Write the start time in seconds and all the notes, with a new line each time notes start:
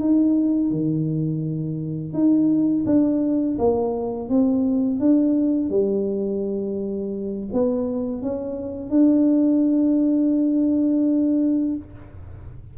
0.00 D#4
0.71 D#3
2.14 D#4
2.87 D4
3.59 A#3
4.30 C4
5.00 D4
5.70 G3
7.53 B3
8.22 C#4
8.91 D4